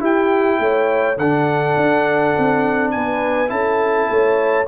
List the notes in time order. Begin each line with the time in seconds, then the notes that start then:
0.00 E4 G4 G5
0.60 A3 C#5
1.18 D3 D4 A4 F#5
1.77 D4
2.38 C4
2.92 B3 B4 G#5
3.49 C#4 E4 A4 A5
4.10 A3 C#5